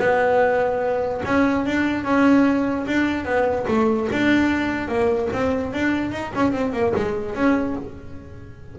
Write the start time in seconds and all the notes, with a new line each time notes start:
0.00 B3
1.26 C#4
1.66 D4
2.05 C#4
2.88 D4
3.26 B3
3.68 A3
4.13 D4
4.89 A#3
5.33 C4
5.74 D4
6.12 D#4
6.36 C#4
6.53 C4
6.73 A#3
6.96 G#3
7.36 C#4